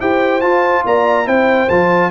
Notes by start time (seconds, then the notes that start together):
0.00 E4 G4 C5 G5
0.41 F4 A5
0.85 A#3 D5 A#5
1.25 C4 E4 C5 G5
1.69 F3 F4 A5